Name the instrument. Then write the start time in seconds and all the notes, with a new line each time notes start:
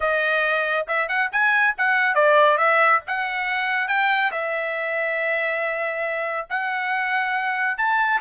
trumpet
0.00 D#5
0.87 E5
1.08 F#5
1.32 G#5
1.77 F#5
2.14 D5
2.57 E5
3.07 F#5
3.88 G5
4.31 E5
6.49 F#5
7.77 A5